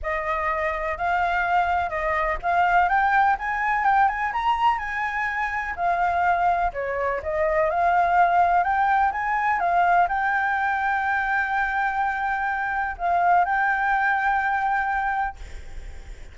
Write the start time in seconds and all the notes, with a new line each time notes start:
0.02 D#5
0.97 F5
1.89 D#5
2.42 F5
2.88 G5
3.38 G#5
3.84 G5
4.08 G#5
4.32 A#5
4.78 G#5
5.76 F5
6.73 C#5
7.23 D#5
7.70 F5
8.63 G5
9.12 G#5
9.59 F5
10.08 G5
12.97 F5
13.44 G5